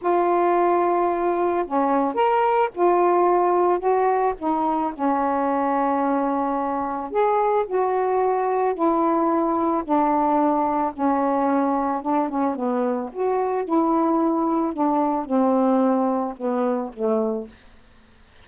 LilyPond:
\new Staff \with { instrumentName = "saxophone" } { \time 4/4 \tempo 4 = 110 f'2. cis'4 | ais'4 f'2 fis'4 | dis'4 cis'2.~ | cis'4 gis'4 fis'2 |
e'2 d'2 | cis'2 d'8 cis'8 b4 | fis'4 e'2 d'4 | c'2 b4 a4 | }